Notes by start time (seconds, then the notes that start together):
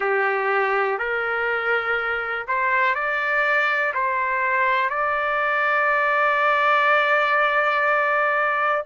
0.00 G4
0.98 A#4
2.47 C5
2.95 D5
3.93 C5
4.89 D5